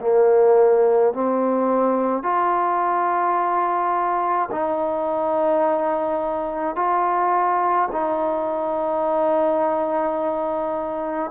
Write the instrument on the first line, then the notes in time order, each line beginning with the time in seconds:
trombone
0.00 A#3
1.13 C4
2.23 F4
4.51 D#4
6.75 F4
7.91 D#4